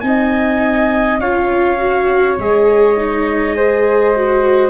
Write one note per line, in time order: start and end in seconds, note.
0.00 1.20 C4
0.00 1.20 D#4
0.00 1.18 G#5
0.06 1.20 D#5
1.20 2.37 C#4
1.20 1.78 F4
1.20 3.56 C#5
1.20 2.38 F5
1.78 2.37 F#4
2.38 4.70 G#3
2.38 2.97 G#4
2.38 4.70 D#5
2.97 3.55 D#4
3.55 4.14 G#4
3.55 4.70 C5
4.15 4.70 F#4